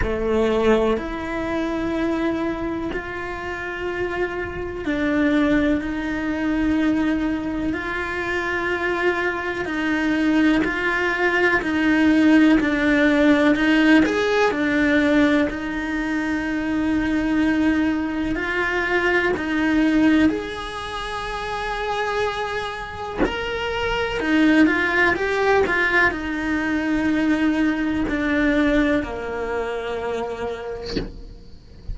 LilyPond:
\new Staff \with { instrumentName = "cello" } { \time 4/4 \tempo 4 = 62 a4 e'2 f'4~ | f'4 d'4 dis'2 | f'2 dis'4 f'4 | dis'4 d'4 dis'8 gis'8 d'4 |
dis'2. f'4 | dis'4 gis'2. | ais'4 dis'8 f'8 g'8 f'8 dis'4~ | dis'4 d'4 ais2 | }